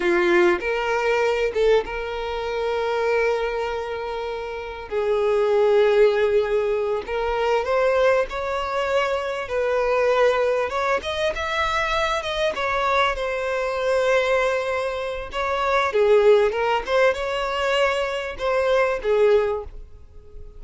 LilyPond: \new Staff \with { instrumentName = "violin" } { \time 4/4 \tempo 4 = 98 f'4 ais'4. a'8 ais'4~ | ais'1 | gis'2.~ gis'8 ais'8~ | ais'8 c''4 cis''2 b'8~ |
b'4. cis''8 dis''8 e''4. | dis''8 cis''4 c''2~ c''8~ | c''4 cis''4 gis'4 ais'8 c''8 | cis''2 c''4 gis'4 | }